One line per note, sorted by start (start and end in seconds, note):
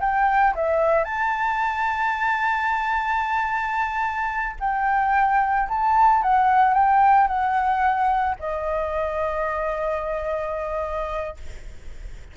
0.00 0.54 G5
0.55 1.04 E5
1.04 4.55 A5
4.60 5.68 G5
5.68 6.22 A5
6.23 6.74 F#5
6.74 7.27 G5
7.27 8.35 F#5
8.39 11.36 D#5